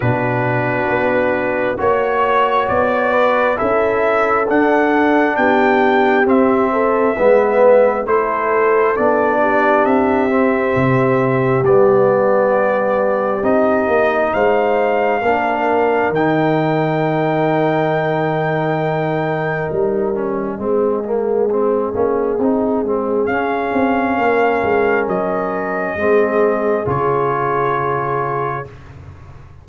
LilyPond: <<
  \new Staff \with { instrumentName = "trumpet" } { \time 4/4 \tempo 4 = 67 b'2 cis''4 d''4 | e''4 fis''4 g''4 e''4~ | e''4 c''4 d''4 e''4~ | e''4 d''2 dis''4 |
f''2 g''2~ | g''2 dis''2~ | dis''2 f''2 | dis''2 cis''2 | }
  \new Staff \with { instrumentName = "horn" } { \time 4/4 fis'2 cis''4. b'8 | a'2 g'4. a'8 | b'4 a'4. g'4.~ | g'1 |
c''4 ais'2.~ | ais'2. gis'4~ | gis'2. ais'4~ | ais'4 gis'2. | }
  \new Staff \with { instrumentName = "trombone" } { \time 4/4 d'2 fis'2 | e'4 d'2 c'4 | b4 e'4 d'4. c'8~ | c'4 b2 dis'4~ |
dis'4 d'4 dis'2~ | dis'2~ dis'8 cis'8 c'8 ais8 | c'8 cis'8 dis'8 c'8 cis'2~ | cis'4 c'4 f'2 | }
  \new Staff \with { instrumentName = "tuba" } { \time 4/4 b,4 b4 ais4 b4 | cis'4 d'4 b4 c'4 | gis4 a4 b4 c'4 | c4 g2 c'8 ais8 |
gis4 ais4 dis2~ | dis2 g4 gis4~ | gis8 ais8 c'8 gis8 cis'8 c'8 ais8 gis8 | fis4 gis4 cis2 | }
>>